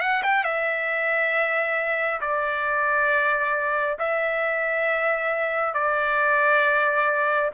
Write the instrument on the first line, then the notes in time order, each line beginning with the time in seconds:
trumpet
0.00 F#5
0.22 G5
0.44 E5
2.21 D5
3.99 E5
5.74 D5